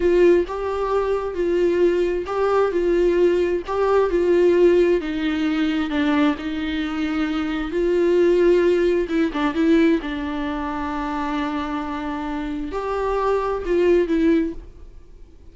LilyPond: \new Staff \with { instrumentName = "viola" } { \time 4/4 \tempo 4 = 132 f'4 g'2 f'4~ | f'4 g'4 f'2 | g'4 f'2 dis'4~ | dis'4 d'4 dis'2~ |
dis'4 f'2. | e'8 d'8 e'4 d'2~ | d'1 | g'2 f'4 e'4 | }